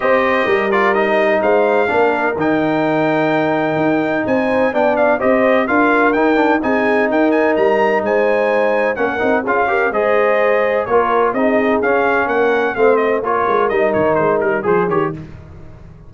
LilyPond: <<
  \new Staff \with { instrumentName = "trumpet" } { \time 4/4 \tempo 4 = 127 dis''4. d''8 dis''4 f''4~ | f''4 g''2.~ | g''4 gis''4 g''8 f''8 dis''4 | f''4 g''4 gis''4 g''8 gis''8 |
ais''4 gis''2 fis''4 | f''4 dis''2 cis''4 | dis''4 f''4 fis''4 f''8 dis''8 | cis''4 dis''8 cis''8 c''8 ais'8 c''8 cis''8 | }
  \new Staff \with { instrumentName = "horn" } { \time 4/4 c''4 ais'2 c''4 | ais'1~ | ais'4 c''4 d''4 c''4 | ais'2 gis'4 ais'4~ |
ais'4 c''2 ais'4 | gis'8 ais'8 c''2 ais'4 | gis'2 ais'4 c''4 | ais'2. gis'4 | }
  \new Staff \with { instrumentName = "trombone" } { \time 4/4 g'4. f'8 dis'2 | d'4 dis'2.~ | dis'2 d'4 g'4 | f'4 dis'8 d'8 dis'2~ |
dis'2. cis'8 dis'8 | f'8 g'8 gis'2 f'4 | dis'4 cis'2 c'4 | f'4 dis'2 gis'8 g'8 | }
  \new Staff \with { instrumentName = "tuba" } { \time 4/4 c'4 g2 gis4 | ais4 dis2. | dis'4 c'4 b4 c'4 | d'4 dis'4 c'4 dis'4 |
g4 gis2 ais8 c'8 | cis'4 gis2 ais4 | c'4 cis'4 ais4 a4 | ais8 gis8 g8 dis8 gis8 g8 f8 dis8 | }
>>